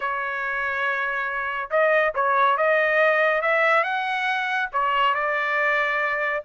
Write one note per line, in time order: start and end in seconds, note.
0.00 1.70 C#5
1.70 2.13 D#5
2.14 2.57 C#5
2.57 3.41 D#5
3.41 3.83 E5
3.83 4.69 F#5
4.72 5.14 C#5
5.14 6.43 D5